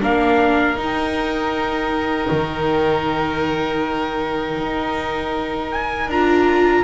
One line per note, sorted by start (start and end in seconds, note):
0.00 0.76 A#3
0.00 0.76 D4
0.00 6.84 A#4
0.00 0.79 F5
0.76 2.28 D#4
0.76 6.09 D#4
0.76 5.71 G5
2.31 4.58 D#3
4.58 6.08 D#4
5.71 6.09 G#5
6.08 6.84 D4
6.08 6.84 F4
6.08 6.84 A#5